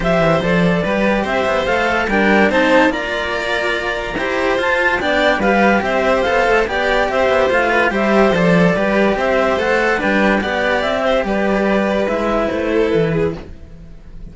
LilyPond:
<<
  \new Staff \with { instrumentName = "clarinet" } { \time 4/4 \tempo 4 = 144 e''4 d''2 e''4 | f''4 g''4 a''4 ais''4~ | ais''2. a''4 | g''4 f''4 e''4 f''4 |
g''4 e''4 f''4 e''4 | d''2 e''4 fis''4 | g''4 fis''4 e''4 d''4~ | d''4 e''4 c''4 b'4 | }
  \new Staff \with { instrumentName = "violin" } { \time 4/4 c''2 b'4 c''4~ | c''4 ais'4 c''4 d''4~ | d''2 c''2 | d''4 b'4 c''2 |
d''4 c''4. b'8 c''4~ | c''4 b'4 c''2 | b'4 d''4. c''8 b'4~ | b'2~ b'8 a'4 gis'8 | }
  \new Staff \with { instrumentName = "cello" } { \time 4/4 g'4 a'4 g'2 | a'4 d'4 dis'4 f'4~ | f'2 g'4 f'4 | d'4 g'2 a'4 |
g'2 f'4 g'4 | a'4 g'2 a'4 | d'4 g'2.~ | g'4 e'2. | }
  \new Staff \with { instrumentName = "cello" } { \time 4/4 f8 e8 f4 g4 c'8 b8 | a4 g4 c'4 ais4~ | ais2 e'4 f'4 | b4 g4 c'4 b8 a8 |
b4 c'8 b8 a4 g4 | f4 g4 c'4 a4 | g4 b4 c'4 g4~ | g4 gis4 a4 e4 | }
>>